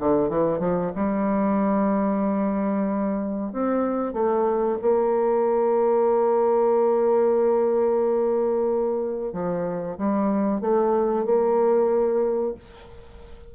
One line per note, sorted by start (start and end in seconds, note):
0.00 0.30 D3
0.30 0.60 E3
0.60 0.92 F3
0.96 3.53 G3
3.53 4.14 C4
4.14 4.78 A3
4.82 9.33 A#3
9.33 9.98 F3
9.98 10.62 G3
10.62 11.26 A3
11.26 12.55 A#3